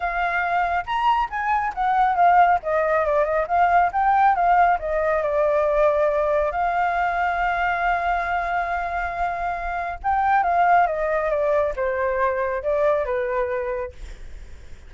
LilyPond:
\new Staff \with { instrumentName = "flute" } { \time 4/4 \tempo 4 = 138 f''2 ais''4 gis''4 | fis''4 f''4 dis''4 d''8 dis''8 | f''4 g''4 f''4 dis''4 | d''2. f''4~ |
f''1~ | f''2. g''4 | f''4 dis''4 d''4 c''4~ | c''4 d''4 b'2 | }